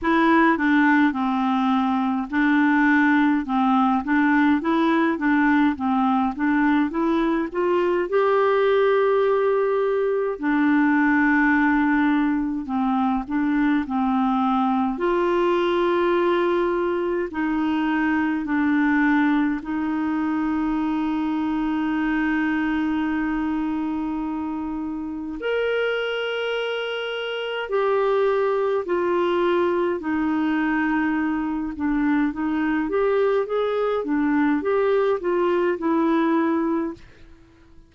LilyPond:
\new Staff \with { instrumentName = "clarinet" } { \time 4/4 \tempo 4 = 52 e'8 d'8 c'4 d'4 c'8 d'8 | e'8 d'8 c'8 d'8 e'8 f'8 g'4~ | g'4 d'2 c'8 d'8 | c'4 f'2 dis'4 |
d'4 dis'2.~ | dis'2 ais'2 | g'4 f'4 dis'4. d'8 | dis'8 g'8 gis'8 d'8 g'8 f'8 e'4 | }